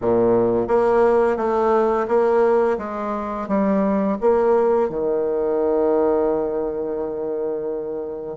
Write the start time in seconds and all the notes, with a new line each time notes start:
0.01 A#2
0.67 A#3
1.36 A3
2.07 A#3
2.78 G#3
3.48 G3
4.20 A#3
4.89 D#3